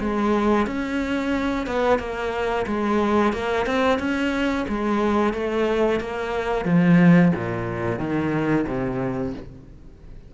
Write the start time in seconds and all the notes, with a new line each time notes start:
0.00 G#3
0.66 C#4
1.66 B3
1.99 A#3
2.67 G#3
3.33 A#3
3.66 C4
3.99 C#4
4.68 G#3
5.33 A3
6.00 A#3
6.65 F3
7.35 A#2
7.99 D#3
8.67 C3